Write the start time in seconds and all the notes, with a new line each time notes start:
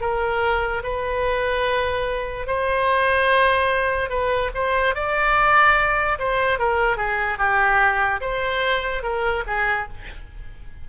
0.00 A#4
0.83 B4
2.47 C5
4.09 B4
4.54 C5
4.95 D5
6.18 C5
6.59 A#4
6.97 G#4
7.38 G4
8.20 C5
9.02 A#4
9.46 G#4